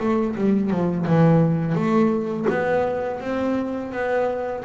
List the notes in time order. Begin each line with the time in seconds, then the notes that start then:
0.00 A3
0.36 G3
0.71 F3
1.07 E3
1.75 A3
2.50 B3
3.21 C4
3.93 B3